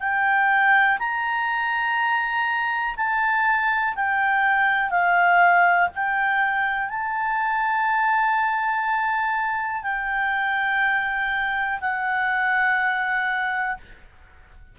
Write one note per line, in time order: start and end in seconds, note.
0.00 0.98 G5
0.99 2.96 A#5
2.96 3.95 A5
3.96 4.90 G5
4.90 5.88 F5
5.95 6.89 G5
6.89 9.83 A5
9.83 11.80 G5
11.81 13.77 F#5